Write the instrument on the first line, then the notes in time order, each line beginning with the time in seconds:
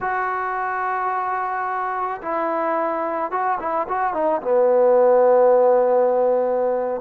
trombone
0.01 F#4
2.22 E4
3.31 F#4
3.59 E4
3.88 F#4
4.13 D#4
4.41 B3